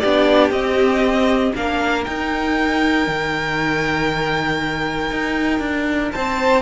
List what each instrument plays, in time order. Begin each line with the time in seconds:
0.00 cello B3, viola D4, violin G4 D5
0.51 cello C4, viola C4, violin D#5
1.55 cello A#3, viola D4, violin A#4 F5
2.05 viola D#4, cello D#4, violin G5
3.08 cello D#3
5.11 cello D#4
5.60 cello D4
6.12 cello C4, violin C5 A5